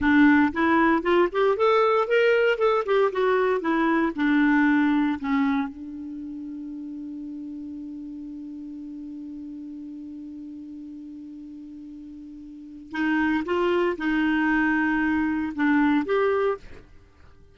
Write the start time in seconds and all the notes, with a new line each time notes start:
0.00 D4
0.52 E4
1.02 F4
1.31 G4
1.56 A4
2.07 A#4
2.58 A4
2.85 G4
3.12 F#4
3.60 E4
4.15 D4
5.20 C#4
5.68 D4
12.91 D#4
13.45 F4
13.97 D#4
15.55 D4
16.05 G4